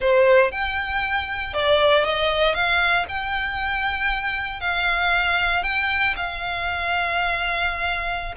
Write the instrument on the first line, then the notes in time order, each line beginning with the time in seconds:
violin
0.00 C5
0.51 G5
1.53 D5
2.04 D#5
2.54 F5
3.08 G5
4.60 F5
5.63 G5
6.16 F5